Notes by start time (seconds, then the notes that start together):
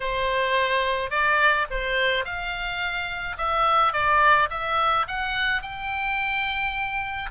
0.00 C5
1.10 D5
1.70 C5
2.24 F5
3.37 E5
3.93 D5
4.50 E5
5.07 F#5
5.62 G5